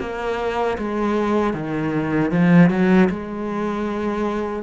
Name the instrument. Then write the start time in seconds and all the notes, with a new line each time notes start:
cello
0.00 A#3
0.78 G#3
1.54 D#3
2.32 F3
2.70 F#3
3.10 G#3